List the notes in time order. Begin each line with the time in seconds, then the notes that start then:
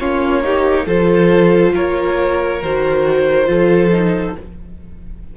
0.00 A#3 C#4 F4 C#5
0.44 D#4 G4
0.86 F3 F4 A4 C5
1.75 A#3 A#4 C#5
2.62 D#3 F#4 C5
3.46 F3 F4 A4
3.93 D#4